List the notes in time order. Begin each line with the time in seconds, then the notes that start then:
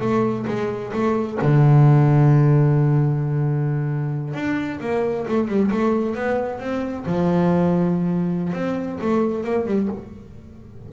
0.00 A3
0.47 G#3
0.93 A3
1.41 D3
4.34 D4
4.80 A#3
5.28 A3
5.48 G3
5.71 A3
6.15 B3
6.59 C4
7.06 F3
8.53 C4
9.01 A3
9.44 A#3
9.66 G3